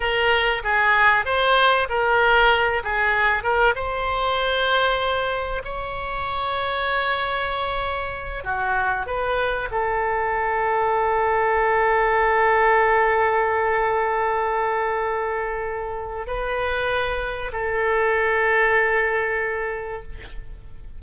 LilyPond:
\new Staff \with { instrumentName = "oboe" } { \time 4/4 \tempo 4 = 96 ais'4 gis'4 c''4 ais'4~ | ais'8 gis'4 ais'8 c''2~ | c''4 cis''2.~ | cis''4. fis'4 b'4 a'8~ |
a'1~ | a'1~ | a'2 b'2 | a'1 | }